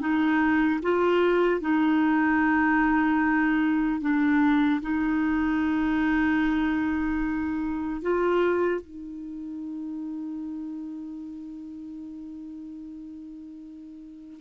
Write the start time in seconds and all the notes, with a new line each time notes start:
0.00 D#4
0.83 F4
1.61 D#4
4.01 D4
4.81 D#4
8.02 F4
8.81 D#4